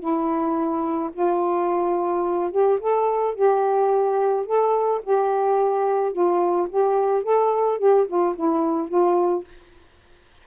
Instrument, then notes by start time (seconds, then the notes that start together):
saxophone
0.00 E4
1.13 F4
2.52 G4
2.81 A4
3.35 G4
4.46 A4
5.03 G4
6.13 F4
6.70 G4
7.24 A4
7.79 G4
8.08 F4
8.36 E4
8.89 F4